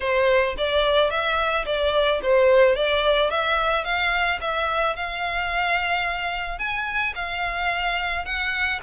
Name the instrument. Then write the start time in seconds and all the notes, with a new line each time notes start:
violin
0.00 C5
0.57 D5
1.10 E5
1.65 D5
2.22 C5
2.75 D5
3.30 E5
3.84 F5
4.40 E5
4.96 F5
6.58 G#5
7.15 F5
8.25 F#5